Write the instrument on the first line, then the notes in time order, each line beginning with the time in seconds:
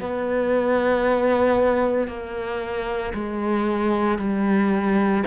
cello
0.00 B3
2.08 A#3
3.14 G#3
4.18 G3